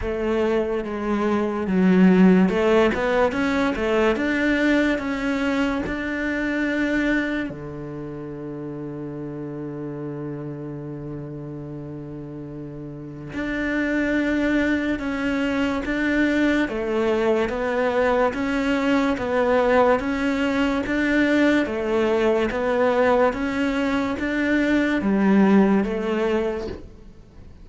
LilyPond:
\new Staff \with { instrumentName = "cello" } { \time 4/4 \tempo 4 = 72 a4 gis4 fis4 a8 b8 | cis'8 a8 d'4 cis'4 d'4~ | d'4 d2.~ | d1 |
d'2 cis'4 d'4 | a4 b4 cis'4 b4 | cis'4 d'4 a4 b4 | cis'4 d'4 g4 a4 | }